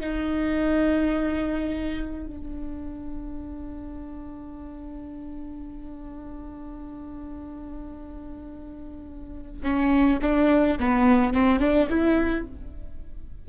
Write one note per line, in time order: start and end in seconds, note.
0.00 2.26 D#4
2.26 9.62 D4
9.63 10.19 C#4
10.22 10.78 D4
10.79 11.33 B3
11.33 11.59 C4
11.59 11.88 D4
11.89 12.46 E4